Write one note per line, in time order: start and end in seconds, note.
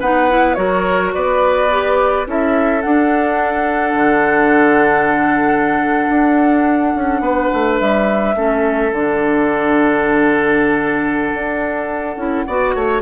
0.00 0.57 B3
0.00 0.29 D#4
0.00 0.57 B4
0.00 0.54 F#5
0.29 0.56 E4
0.54 1.14 F#3
0.54 1.69 F#4
0.54 1.15 A#4
0.54 1.11 C#5
1.14 2.27 B3
1.14 2.28 B4
1.14 2.27 D5
1.71 2.26 G4
2.26 2.83 C#4
2.26 2.82 E4
2.26 7.22 A4
2.26 2.82 E5
2.82 8.33 D4
2.82 3.94 D4
2.82 7.77 F#5
3.94 6.06 D3
6.09 6.94 D4
6.95 7.20 C#4
7.20 7.49 B3
7.20 8.35 B4
7.53 7.81 A3
7.80 8.35 G3
7.80 8.93 E5
8.35 8.92 A3
8.35 8.92 C#4
8.35 12.46 A4
8.92 11.33 D3
8.92 12.18 D4
8.92 13.02 F#5
11.34 12.16 D4
12.16 12.45 C#4
12.16 12.46 E4
12.46 12.75 B3
12.46 13.02 F#4
12.46 12.75 D5
12.75 13.02 A3
12.75 13.02 C#5